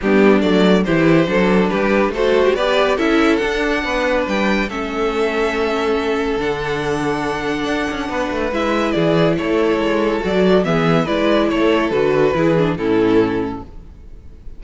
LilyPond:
<<
  \new Staff \with { instrumentName = "violin" } { \time 4/4 \tempo 4 = 141 g'4 d''4 c''2 | b'4 a'8. g'16 d''4 e''4 | fis''2 g''4 e''4~ | e''2. fis''4~ |
fis''1 | e''4 d''4 cis''2 | d''4 e''4 d''4 cis''4 | b'2 a'2 | }
  \new Staff \with { instrumentName = "violin" } { \time 4/4 d'2 g'4 a'4 | g'4 c''4 b'4 a'4~ | a'4 b'2 a'4~ | a'1~ |
a'2. b'4~ | b'4 gis'4 a'2~ | a'4 gis'4 b'4 a'4~ | a'4 gis'4 e'2 | }
  \new Staff \with { instrumentName = "viola" } { \time 4/4 b4 a4 e'4 d'4~ | d'4 fis'4 g'4 e'4 | d'2. cis'4~ | cis'2. d'4~ |
d'1 | e'1 | fis'4 b4 e'2 | fis'4 e'8 d'8 cis'2 | }
  \new Staff \with { instrumentName = "cello" } { \time 4/4 g4 fis4 e4 fis4 | g4 a4 b4 cis'4 | d'4 b4 g4 a4~ | a2. d4~ |
d2 d'8 cis'8 b8 a8 | gis4 e4 a4 gis4 | fis4 e4 gis4 a4 | d4 e4 a,2 | }
>>